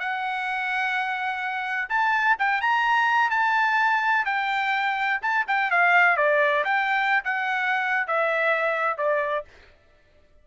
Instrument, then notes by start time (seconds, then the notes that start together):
trumpet
0.00 F#5
1.89 A5
2.39 G5
2.62 A#5
3.31 A5
4.26 G5
5.22 A5
5.48 G5
5.71 F5
6.17 D5
6.65 G5
7.25 F#5
8.07 E5
8.98 D5